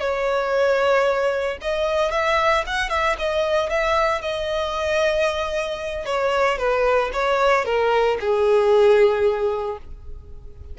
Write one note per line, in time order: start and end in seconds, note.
0.00 1.58 C#5
1.62 2.12 D#5
2.12 2.64 E5
2.67 2.90 F#5
2.90 3.16 E5
3.19 3.70 D#5
3.70 4.22 E5
4.22 6.06 D#5
6.06 6.58 C#5
6.58 7.11 B4
7.13 7.65 C#5
7.65 8.18 A#4
8.20 9.78 G#4